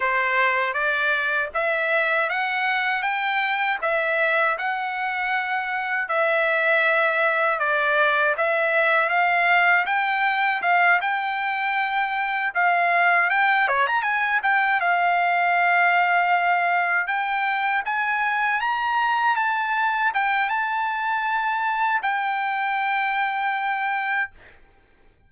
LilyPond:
\new Staff \with { instrumentName = "trumpet" } { \time 4/4 \tempo 4 = 79 c''4 d''4 e''4 fis''4 | g''4 e''4 fis''2 | e''2 d''4 e''4 | f''4 g''4 f''8 g''4.~ |
g''8 f''4 g''8 cis''16 ais''16 gis''8 g''8 f''8~ | f''2~ f''8 g''4 gis''8~ | gis''8 ais''4 a''4 g''8 a''4~ | a''4 g''2. | }